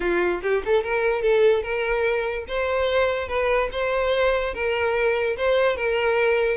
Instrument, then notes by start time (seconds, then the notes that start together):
violin
0.00 F4
0.42 G4
0.65 A4
0.83 A#4
1.22 A4
1.63 A#4
2.48 C5
3.28 B4
3.72 C5
4.54 A#4
5.36 C5
5.76 A#4